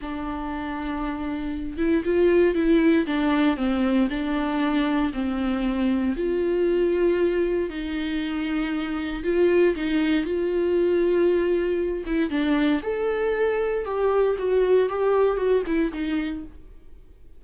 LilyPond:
\new Staff \with { instrumentName = "viola" } { \time 4/4 \tempo 4 = 117 d'2.~ d'8 e'8 | f'4 e'4 d'4 c'4 | d'2 c'2 | f'2. dis'4~ |
dis'2 f'4 dis'4 | f'2.~ f'8 e'8 | d'4 a'2 g'4 | fis'4 g'4 fis'8 e'8 dis'4 | }